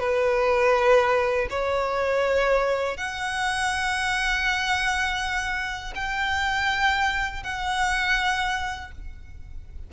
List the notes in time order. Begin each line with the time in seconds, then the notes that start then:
0.00 B4
1.51 C#5
2.98 F#5
5.96 G5
7.44 F#5